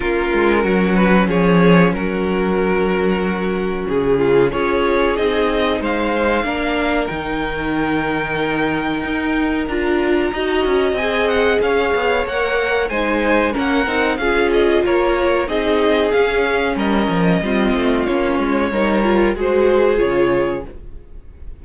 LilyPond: <<
  \new Staff \with { instrumentName = "violin" } { \time 4/4 \tempo 4 = 93 ais'4. b'8 cis''4 ais'4~ | ais'2 gis'4 cis''4 | dis''4 f''2 g''4~ | g''2. ais''4~ |
ais''4 gis''8 fis''8 f''4 fis''4 | gis''4 fis''4 f''8 dis''8 cis''4 | dis''4 f''4 dis''2 | cis''2 c''4 cis''4 | }
  \new Staff \with { instrumentName = "violin" } { \time 4/4 f'4 fis'4 gis'4 fis'4~ | fis'2~ fis'8 f'8 gis'4~ | gis'4 c''4 ais'2~ | ais'1 |
dis''2 cis''2 | c''4 ais'4 gis'4 ais'4 | gis'2 ais'4 f'4~ | f'4 ais'4 gis'2 | }
  \new Staff \with { instrumentName = "viola" } { \time 4/4 cis'1~ | cis'2. f'4 | dis'2 d'4 dis'4~ | dis'2. f'4 |
fis'4 gis'2 ais'4 | dis'4 cis'8 dis'8 f'2 | dis'4 cis'2 c'4 | cis'4 dis'8 f'8 fis'4 f'4 | }
  \new Staff \with { instrumentName = "cello" } { \time 4/4 ais8 gis8 fis4 f4 fis4~ | fis2 cis4 cis'4 | c'4 gis4 ais4 dis4~ | dis2 dis'4 d'4 |
dis'8 cis'8 c'4 cis'8 b8 ais4 | gis4 ais8 c'8 cis'4 ais4 | c'4 cis'4 g8 f8 g8 a8 | ais8 gis8 g4 gis4 cis4 | }
>>